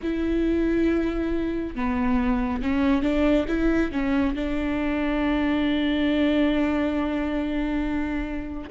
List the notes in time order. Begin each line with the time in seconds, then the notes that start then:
0.02 E4
1.75 B3
2.61 C#4
3.02 D4
3.48 E4
3.91 C#4
4.35 D4